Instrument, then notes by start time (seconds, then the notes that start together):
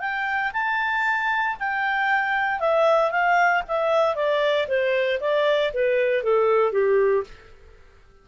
clarinet
0.00 G5
0.53 A5
1.60 G5
2.60 E5
3.11 F5
3.68 E5
4.15 D5
4.68 C5
5.21 D5
5.74 B4
6.24 A4
6.72 G4